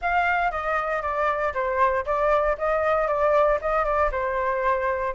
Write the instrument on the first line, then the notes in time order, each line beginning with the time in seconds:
flute
0.01 F5
0.51 D#5
1.01 D5
1.53 C5
2.05 D5
2.58 D#5
3.07 D5
3.61 D#5
3.85 D5
4.11 C5